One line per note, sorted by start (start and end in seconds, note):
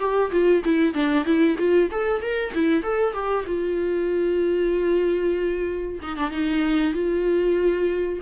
0.00 0.32 G4
0.32 0.63 F4
0.65 0.94 E4
0.94 1.25 D4
1.25 1.57 E4
1.59 1.90 F4
1.91 2.22 A4
2.22 2.54 A#4
2.55 2.84 E4
2.84 3.14 A4
3.14 3.45 G4
3.47 6.00 F4
6.03 6.17 D#4
6.17 6.31 D4
6.31 6.94 D#4
6.94 8.20 F4